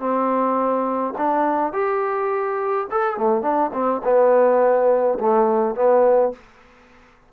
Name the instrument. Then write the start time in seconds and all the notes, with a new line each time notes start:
trombone
0.00 C4
1.18 D4
1.73 G4
2.91 A4
3.18 A3
3.43 D4
3.74 C4
4.05 B3
5.20 A3
5.76 B3